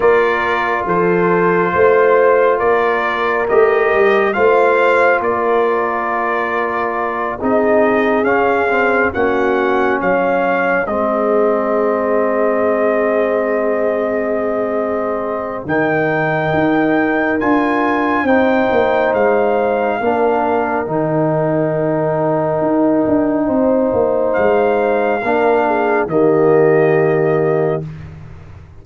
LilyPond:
<<
  \new Staff \with { instrumentName = "trumpet" } { \time 4/4 \tempo 4 = 69 d''4 c''2 d''4 | dis''4 f''4 d''2~ | d''8 dis''4 f''4 fis''4 f''8~ | f''8 dis''2.~ dis''8~ |
dis''2 g''2 | gis''4 g''4 f''2 | g''1 | f''2 dis''2 | }
  \new Staff \with { instrumentName = "horn" } { \time 4/4 ais'4 a'4 c''4 ais'4~ | ais'4 c''4 ais'2~ | ais'8 gis'2 fis'4 cis''8~ | cis''8 gis'2.~ gis'8~ |
gis'2 ais'2~ | ais'4 c''2 ais'4~ | ais'2. c''4~ | c''4 ais'8 gis'8 g'2 | }
  \new Staff \with { instrumentName = "trombone" } { \time 4/4 f'1 | g'4 f'2.~ | f'8 dis'4 cis'8 c'8 cis'4.~ | cis'8 c'2.~ c'8~ |
c'2 dis'2 | f'4 dis'2 d'4 | dis'1~ | dis'4 d'4 ais2 | }
  \new Staff \with { instrumentName = "tuba" } { \time 4/4 ais4 f4 a4 ais4 | a8 g8 a4 ais2~ | ais8 c'4 cis'4 ais4 fis8~ | fis8 gis2.~ gis8~ |
gis2 dis4 dis'4 | d'4 c'8 ais8 gis4 ais4 | dis2 dis'8 d'8 c'8 ais8 | gis4 ais4 dis2 | }
>>